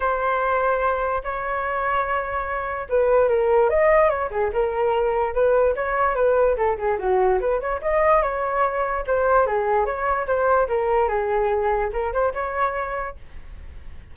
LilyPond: \new Staff \with { instrumentName = "flute" } { \time 4/4 \tempo 4 = 146 c''2. cis''4~ | cis''2. b'4 | ais'4 dis''4 cis''8 gis'8 ais'4~ | ais'4 b'4 cis''4 b'4 |
a'8 gis'8 fis'4 b'8 cis''8 dis''4 | cis''2 c''4 gis'4 | cis''4 c''4 ais'4 gis'4~ | gis'4 ais'8 c''8 cis''2 | }